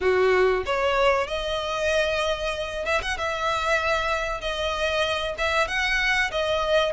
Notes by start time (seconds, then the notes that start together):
0.01 F#4
0.65 C#5
1.27 D#5
2.85 E5
3.01 F#5
3.18 E5
4.40 D#5
5.37 E5
5.67 F#5
6.31 D#5